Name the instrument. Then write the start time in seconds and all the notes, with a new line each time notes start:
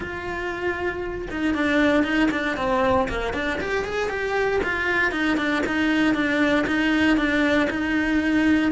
cello
0.00 F4
1.30 D#4
1.54 D4
2.03 D#4
2.31 D4
2.56 C4
3.08 A#3
3.33 D4
3.60 G4
3.84 G#4
4.09 G4
4.63 F4
5.11 D#4
5.37 D4
5.66 D#4
6.14 D4
6.66 D#4
7.17 D4
7.69 D#4